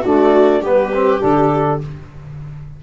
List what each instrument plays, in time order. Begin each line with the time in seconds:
0.00 trombone A3, tuba D4, viola F#4, clarinet D5
0.61 tuba G3, trombone B3, viola G4, clarinet B4
0.93 trombone C4
1.20 tuba D3, trombone D4, clarinet A4